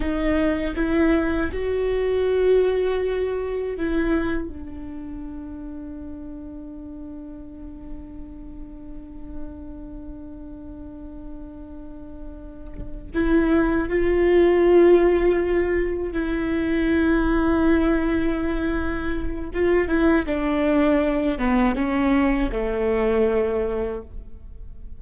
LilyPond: \new Staff \with { instrumentName = "viola" } { \time 4/4 \tempo 4 = 80 dis'4 e'4 fis'2~ | fis'4 e'4 d'2~ | d'1~ | d'1~ |
d'4. e'4 f'4.~ | f'4. e'2~ e'8~ | e'2 f'8 e'8 d'4~ | d'8 b8 cis'4 a2 | }